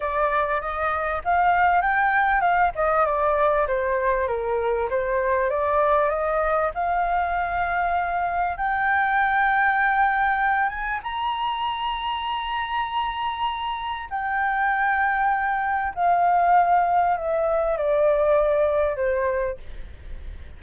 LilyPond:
\new Staff \with { instrumentName = "flute" } { \time 4/4 \tempo 4 = 98 d''4 dis''4 f''4 g''4 | f''8 dis''8 d''4 c''4 ais'4 | c''4 d''4 dis''4 f''4~ | f''2 g''2~ |
g''4. gis''8 ais''2~ | ais''2. g''4~ | g''2 f''2 | e''4 d''2 c''4 | }